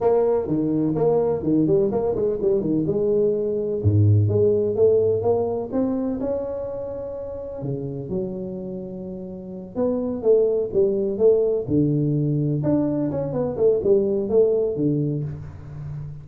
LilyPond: \new Staff \with { instrumentName = "tuba" } { \time 4/4 \tempo 4 = 126 ais4 dis4 ais4 dis8 g8 | ais8 gis8 g8 dis8 gis2 | gis,4 gis4 a4 ais4 | c'4 cis'2. |
cis4 fis2.~ | fis8 b4 a4 g4 a8~ | a8 d2 d'4 cis'8 | b8 a8 g4 a4 d4 | }